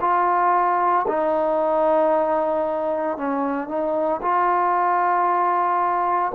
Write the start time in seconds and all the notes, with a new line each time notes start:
0.00 F4
1.08 D#4
3.17 C#4
3.68 D#4
4.22 F4